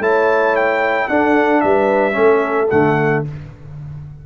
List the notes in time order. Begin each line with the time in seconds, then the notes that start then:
0.00 A3 E4 C#5 A5
0.56 G5
1.08 D4 A4 F#5
1.61 G3 B4 E5
2.12 A3 C#4 A4
2.70 D3 A3 F#5